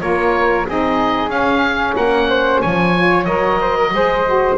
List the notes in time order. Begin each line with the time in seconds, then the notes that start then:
0.00 A#3 F4 A#4 C#5
0.67 C4 D#4 G#4 D#5
1.29 C#4 F5
1.95 A#3 A#4 F#5
2.29 C5
2.62 F3 C#5 G#5
2.98 F4
3.25 F#3 A#4 D#5
3.61 C5
3.76 A#4
3.94 G#3 G#4 C5
4.27 F#4